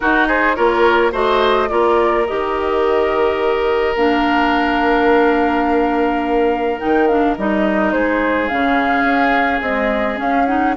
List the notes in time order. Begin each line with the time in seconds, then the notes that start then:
0.00 D#4 F#4 A#4
0.27 G#4 C5
0.55 A#3 F4 A#4 C#5
1.12 A3 F#4 C5 D#5
1.68 A#3 F4 A#4 D5
2.26 D#3 G4 D#5
3.96 A#3 D4 F5
6.79 D#3 D#4 G5
7.07 D4 F5
7.36 G3 D#4 D#5
7.92 G#3 G#4 C5
8.48 C#3 C#4 F5
9.03 C#4
9.61 G#3 C4 D#5
10.16 C#4 F5
10.46 D#4 F#5